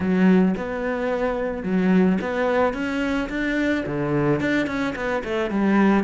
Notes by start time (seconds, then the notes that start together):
0.00 F#3
0.57 B3
1.63 F#3
2.21 B3
2.73 C#4
3.29 D4
3.86 D3
4.40 D4
4.66 C#4
4.95 B3
5.23 A3
5.50 G3